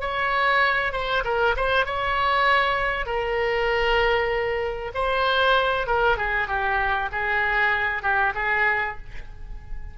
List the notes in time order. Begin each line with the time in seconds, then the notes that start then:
0.00 C#5
0.92 C5
1.24 A#4
1.56 C5
1.85 C#5
3.06 A#4
4.94 C5
5.87 A#4
6.17 G#4
6.47 G4
7.12 G#4
8.02 G4
8.34 G#4